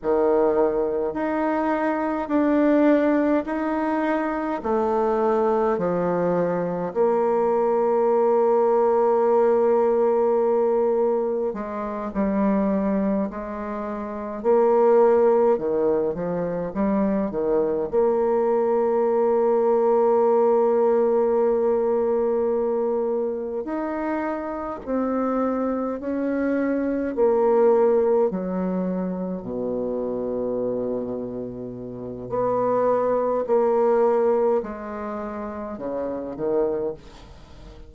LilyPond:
\new Staff \with { instrumentName = "bassoon" } { \time 4/4 \tempo 4 = 52 dis4 dis'4 d'4 dis'4 | a4 f4 ais2~ | ais2 gis8 g4 gis8~ | gis8 ais4 dis8 f8 g8 dis8 ais8~ |
ais1~ | ais8 dis'4 c'4 cis'4 ais8~ | ais8 fis4 b,2~ b,8 | b4 ais4 gis4 cis8 dis8 | }